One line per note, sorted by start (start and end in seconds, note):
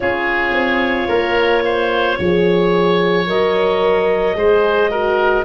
0.00 0.53 C#4
0.00 2.18 F4
0.00 1.08 G#4
0.00 3.27 C#5
0.53 1.08 C4
1.08 2.17 A#3
1.08 1.62 A#4
1.65 2.18 C5
2.18 3.27 F3
2.18 3.26 G#4
2.18 4.37 C#5
3.26 4.35 F#3
3.26 4.35 A#4
3.26 5.45 D#5
4.35 5.44 G#3
4.35 4.89 G#4
4.35 4.90 C5
4.90 5.45 F#4
4.90 5.45 A#4